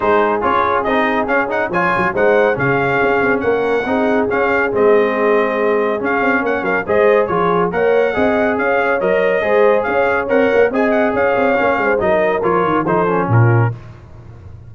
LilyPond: <<
  \new Staff \with { instrumentName = "trumpet" } { \time 4/4 \tempo 4 = 140 c''4 cis''4 dis''4 f''8 fis''8 | gis''4 fis''4 f''2 | fis''2 f''4 dis''4~ | dis''2 f''4 fis''8 f''8 |
dis''4 cis''4 fis''2 | f''4 dis''2 f''4 | fis''4 gis''8 fis''8 f''2 | dis''4 cis''4 c''4 ais'4 | }
  \new Staff \with { instrumentName = "horn" } { \time 4/4 gis'1 | cis''4 c''4 gis'2 | ais'4 gis'2.~ | gis'2. cis''8 ais'8 |
c''4 gis'4 cis''4 dis''4 | cis''2 c''4 cis''4~ | cis''4 dis''4 cis''4. c''8 | ais'2 a'4 f'4 | }
  \new Staff \with { instrumentName = "trombone" } { \time 4/4 dis'4 f'4 dis'4 cis'8 dis'8 | f'4 dis'4 cis'2~ | cis'4 dis'4 cis'4 c'4~ | c'2 cis'2 |
gis'4 f'4 ais'4 gis'4~ | gis'4 ais'4 gis'2 | ais'4 gis'2 cis'4 | dis'4 f'4 dis'8 cis'4. | }
  \new Staff \with { instrumentName = "tuba" } { \time 4/4 gis4 cis'4 c'4 cis'4 | f8 fis8 gis4 cis4 cis'8 c'8 | ais4 c'4 cis'4 gis4~ | gis2 cis'8 c'8 ais8 fis8 |
gis4 f4 ais4 c'4 | cis'4 fis4 gis4 cis'4 | c'8 ais8 c'4 cis'8 c'8 ais8 gis8 | fis4 f8 dis8 f4 ais,4 | }
>>